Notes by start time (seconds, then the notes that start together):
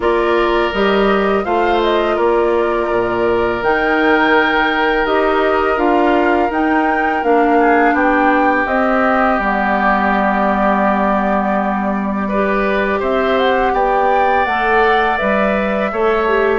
0.00 A#3 F4 A#4 D5
0.73 G3 G4 D#5
1.44 A3 F4 C5 F5
1.83 D#5
2.15 A#3 A#4 D5
2.91 A#2
3.62 D#3 D#4 G5
5.05 D#4 G4 D#5
5.76 D4 F4 F5
6.50 D#4 G5
7.22 A#3 D4 F5
7.60 G#4
7.93 B3 G4 G5
8.66 C4 D#5
9.38 G3 B3 D5
12.28 G4 B4
12.99 C4 C5 E5
13.39 F#5
13.73 B3 D5 G5
14.45 A3 A4 F#5
15.17 G3 B4 E5
15.91 A3 A4 C#5
16.27 G4